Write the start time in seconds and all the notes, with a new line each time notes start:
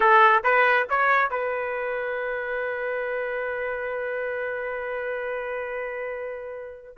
0.00 A4
0.43 B4
0.89 C#5
1.30 B4